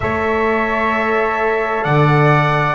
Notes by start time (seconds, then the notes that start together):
0.00 A3 A4 C#5 E5
1.83 D3 D5 F#5